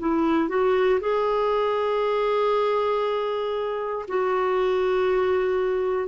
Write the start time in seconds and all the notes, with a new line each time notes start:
0.00 E4
0.49 F#4
1.01 G#4
4.09 F#4